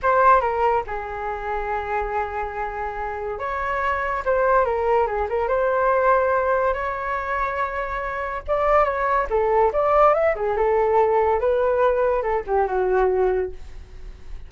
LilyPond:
\new Staff \with { instrumentName = "flute" } { \time 4/4 \tempo 4 = 142 c''4 ais'4 gis'2~ | gis'1 | cis''2 c''4 ais'4 | gis'8 ais'8 c''2. |
cis''1 | d''4 cis''4 a'4 d''4 | e''8 gis'8 a'2 b'4~ | b'4 a'8 g'8 fis'2 | }